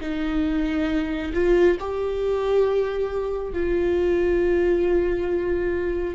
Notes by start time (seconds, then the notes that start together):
0.00 D#4
1.33 F4
1.79 G4
3.53 F4